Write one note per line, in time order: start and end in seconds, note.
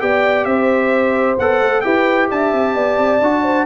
0.00 0.45 B3
0.00 1.37 G4
0.00 0.48 D5
0.00 0.45 G5
0.45 1.37 C4
0.45 1.85 C5
0.45 1.36 E5
1.39 1.61 B3
1.39 1.83 A4
1.39 1.81 F#5
1.61 1.84 A3
1.81 2.31 E4
1.81 3.21 G4
1.81 2.30 B4
1.81 2.27 G5
2.31 2.53 D4
2.31 2.75 E5
2.31 3.66 A5
2.53 2.75 C4
2.75 2.98 B3
2.75 3.43 D5
2.98 3.21 C4
3.21 3.66 D4
3.21 3.66 F#4
3.43 3.66 C5